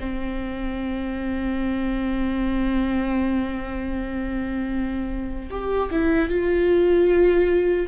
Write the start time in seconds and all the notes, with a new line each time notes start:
0.00 C4
5.50 G4
5.91 E4
6.29 F4